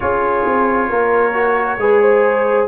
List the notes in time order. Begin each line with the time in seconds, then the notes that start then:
0.00 C#4 F4 G#4 C#5
0.45 C4
0.89 A#3 A#4
1.33 F#4
1.77 G#3 G#4 B4
2.01 C5